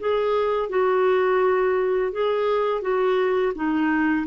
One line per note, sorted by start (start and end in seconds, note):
0.00 0.69 G#4
0.69 2.12 F#4
2.12 2.82 G#4
2.82 3.53 F#4
3.56 4.27 D#4